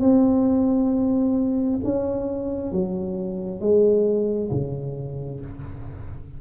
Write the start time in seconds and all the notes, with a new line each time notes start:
0.00 C4
1.84 C#4
2.72 F#3
3.60 G#3
4.51 C#3